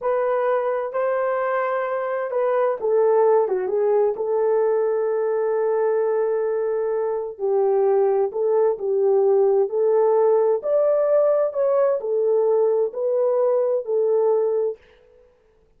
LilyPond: \new Staff \with { instrumentName = "horn" } { \time 4/4 \tempo 4 = 130 b'2 c''2~ | c''4 b'4 a'4. fis'8 | gis'4 a'2.~ | a'1 |
g'2 a'4 g'4~ | g'4 a'2 d''4~ | d''4 cis''4 a'2 | b'2 a'2 | }